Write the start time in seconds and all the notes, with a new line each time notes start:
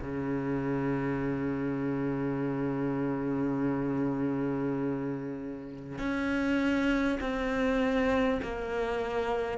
0.00 C#3
5.98 C#4
7.20 C4
8.42 A#3